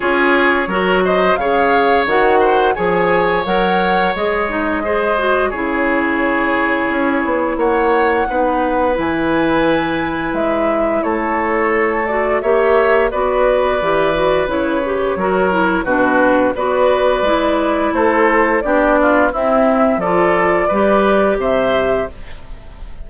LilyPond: <<
  \new Staff \with { instrumentName = "flute" } { \time 4/4 \tempo 4 = 87 cis''4. dis''8 f''4 fis''4 | gis''4 fis''4 dis''2 | cis''2. fis''4~ | fis''4 gis''2 e''4 |
cis''4. d''8 e''4 d''4~ | d''4 cis''2 b'4 | d''2 c''4 d''4 | e''4 d''2 e''4 | }
  \new Staff \with { instrumentName = "oboe" } { \time 4/4 gis'4 ais'8 c''8 cis''4. c''8 | cis''2. c''4 | gis'2. cis''4 | b'1 |
a'2 cis''4 b'4~ | b'2 ais'4 fis'4 | b'2 a'4 g'8 f'8 | e'4 a'4 b'4 c''4 | }
  \new Staff \with { instrumentName = "clarinet" } { \time 4/4 f'4 fis'4 gis'4 fis'4 | gis'4 ais'4 gis'8 dis'8 gis'8 fis'8 | e'1 | dis'4 e'2.~ |
e'4. fis'8 g'4 fis'4 | g'8 fis'8 e'8 g'8 fis'8 e'8 d'4 | fis'4 e'2 d'4 | c'4 f'4 g'2 | }
  \new Staff \with { instrumentName = "bassoon" } { \time 4/4 cis'4 fis4 cis4 dis4 | f4 fis4 gis2 | cis2 cis'8 b8 ais4 | b4 e2 gis4 |
a2 ais4 b4 | e4 cis4 fis4 b,4 | b4 gis4 a4 b4 | c'4 f4 g4 c4 | }
>>